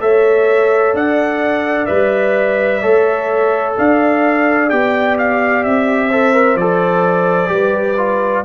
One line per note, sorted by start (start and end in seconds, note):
0.00 0.94 A3
0.00 1.87 A4
0.00 0.96 C#5
0.00 0.95 E5
0.94 1.88 D4
0.94 2.82 D5
0.94 1.86 F#5
1.86 2.83 G3
1.86 2.81 B4
1.86 3.73 E5
2.82 3.77 A3
2.82 4.70 A4
2.82 3.76 C#5
3.78 4.72 D4
3.78 6.09 D5
3.78 4.70 F5
4.70 5.65 B3
4.70 6.11 G4
4.70 5.17 G5
5.18 5.64 F5
5.64 6.55 C4
5.64 6.57 E5
6.09 6.34 A4
6.09 7.49 C5
6.34 6.57 A#4
6.55 7.49 F3
6.55 7.47 A4
6.55 8.44 D5
7.47 8.43 G3
7.47 7.94 G4
7.47 8.45 B4
7.97 8.44 F4